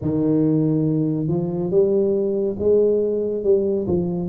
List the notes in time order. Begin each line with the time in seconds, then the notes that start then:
0.01 D#3
1.27 F3
1.70 G3
2.58 G#3
3.43 G3
3.86 F3